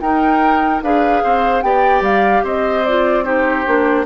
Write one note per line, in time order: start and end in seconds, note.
0.00 0.81 D#4
0.00 0.83 D#4
0.00 0.83 A#4
0.00 0.82 G5
0.82 1.22 D4
0.82 1.62 G#4
0.82 1.23 B4
0.82 1.61 F5
1.23 1.63 C4
1.23 1.64 C5
1.61 2.01 B3
1.61 2.84 G4
1.61 2.43 D5
1.61 2.02 G5
2.01 2.41 G3
2.01 2.44 F5
2.43 3.65 C4
2.43 3.24 C5
2.43 2.85 D#5
2.85 3.24 F4
2.85 3.24 D5
3.24 3.64 D#4
3.24 4.05 G4
3.24 4.05 C5
3.65 4.05 A#3
3.65 4.05 D4